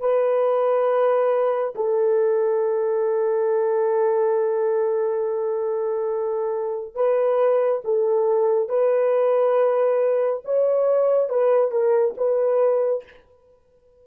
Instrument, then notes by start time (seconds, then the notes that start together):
horn
0.00 B4
1.75 A4
6.95 B4
7.85 A4
8.69 B4
10.45 C#5
11.29 B4
11.72 A#4
12.17 B4